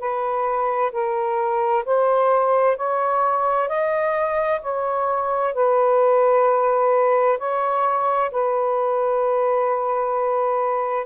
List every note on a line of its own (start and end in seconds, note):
0.00 0.92 B4
0.92 1.85 A#4
1.85 2.77 C5
2.77 3.69 C#5
3.69 4.62 D#5
4.62 5.54 C#5
5.55 7.39 B4
7.39 8.31 C#5
8.32 11.07 B4